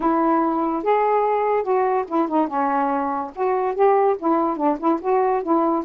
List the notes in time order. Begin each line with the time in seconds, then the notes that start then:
0.00 E4
0.83 G#4
1.63 F#4
2.07 E4
2.28 D#4
2.47 C#4
3.35 F#4
3.74 G4
4.19 E4
4.56 D4
4.79 E4
5.01 F#4
5.43 E4